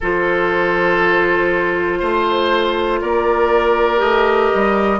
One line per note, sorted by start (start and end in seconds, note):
0.00 2.01 F3
0.00 3.97 F4
0.00 1.99 A4
0.00 3.01 C5
1.99 3.01 A3
1.99 2.99 C5
3.01 4.00 A#3
3.01 4.99 A#4
3.01 4.00 D5
3.97 4.50 A3
3.97 4.97 G4
3.97 4.99 D#5
4.54 4.99 G3